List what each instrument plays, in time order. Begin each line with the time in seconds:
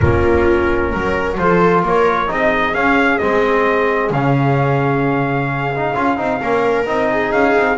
0.00 double bass A#3, trombone C#4, viola F4, trumpet A#4
0.92 double bass F#3, viola A#4
1.37 double bass F3, trombone F4, viola A4, trumpet C5
1.82 double bass A#3, viola A#4, trumpet C#5
2.27 double bass C4, trombone D#4, viola G#4, trumpet D#5
2.73 double bass C#4, trombone C#4, trumpet F5
3.18 double bass G#3, trombone C4, trumpet D#5
4.10 double bass C#3, trombone C#4, trumpet F5
5.75 trombone D#4
5.94 double bass C#4, trombone F4
6.17 double bass C4, trombone D#4
6.41 double bass A#3, trombone C#4, viola A#4
6.85 double bass C4, trombone D#4, trumpet D#5
7.10 viola G#4
7.32 double bass C#4, trumpet F5
7.55 double bass C4